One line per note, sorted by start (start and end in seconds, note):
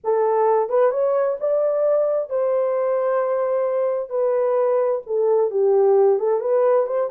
0.04 0.69 A4
0.69 0.91 B4
0.91 1.37 C#5
1.39 2.29 D5
2.29 4.09 C5
4.09 5.01 B4
5.06 5.50 A4
5.50 6.19 G4
6.19 6.40 A4
6.40 6.86 B4
6.86 7.09 C5